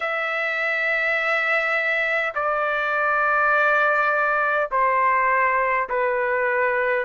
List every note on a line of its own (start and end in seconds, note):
0.00 2.33 E5
2.34 4.70 D5
4.71 5.88 C5
5.89 7.05 B4